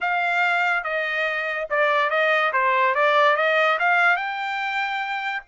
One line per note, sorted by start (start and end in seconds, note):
0.00 0.83 F5
0.83 1.67 D#5
1.69 2.10 D5
2.10 2.52 D#5
2.53 2.94 C5
2.94 3.36 D5
3.36 3.78 D#5
3.79 4.16 F5
4.16 5.42 G5